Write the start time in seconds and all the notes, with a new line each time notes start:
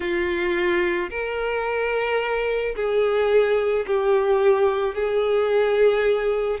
0.00 F4
1.10 A#4
2.75 G#4
3.87 G4
4.94 G#4